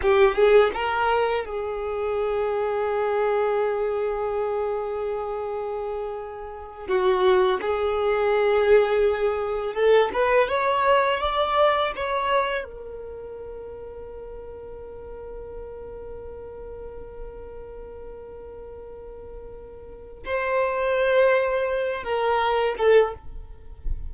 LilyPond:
\new Staff \with { instrumentName = "violin" } { \time 4/4 \tempo 4 = 83 g'8 gis'8 ais'4 gis'2~ | gis'1~ | gis'4. fis'4 gis'4.~ | gis'4. a'8 b'8 cis''4 d''8~ |
d''8 cis''4 ais'2~ ais'8~ | ais'1~ | ais'1 | c''2~ c''8 ais'4 a'8 | }